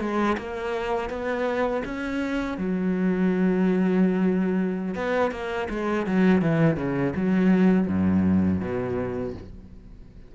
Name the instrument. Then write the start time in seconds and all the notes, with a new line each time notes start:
cello
0.00 G#3
0.37 A#3
1.09 B3
1.84 C#4
2.57 F#3
4.95 B3
5.31 A#3
5.69 G#3
6.06 F#3
6.41 E3
6.76 C#3
7.15 F#3
7.87 F#2
8.60 B2